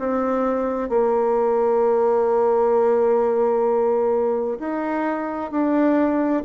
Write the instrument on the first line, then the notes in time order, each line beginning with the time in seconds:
bassoon
0.00 C4
0.90 A#3
4.60 D#4
5.52 D4